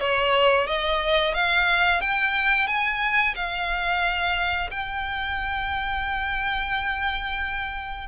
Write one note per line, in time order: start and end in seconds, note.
0.00 0.67 C#5
0.67 1.34 D#5
1.34 2.01 F5
2.01 2.68 G5
2.68 3.35 G#5
3.36 4.70 F5
4.71 8.08 G5